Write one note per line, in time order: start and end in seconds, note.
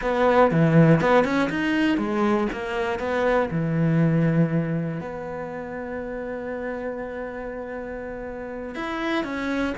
0.01 0.51 B3
0.51 1.00 E3
1.00 1.24 B3
1.24 1.49 C#4
1.49 1.97 D#4
1.97 2.47 G#3
2.52 2.99 A#3
2.99 3.49 B3
3.50 5.00 E3
5.00 8.75 B3
8.75 9.24 E4
9.24 9.74 C#4